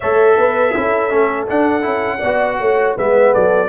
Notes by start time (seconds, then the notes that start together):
0.00 A3 A4 C#5 E5
0.37 B3 B4
0.75 C#4 E4 A4
1.09 A3 C#4
1.47 D4 F#5
1.81 C#4 E4
2.18 B3 D5
2.24 F#4
2.58 A3 C#5
2.95 G#3 B3 B4 E5
3.32 F#3 A4 D5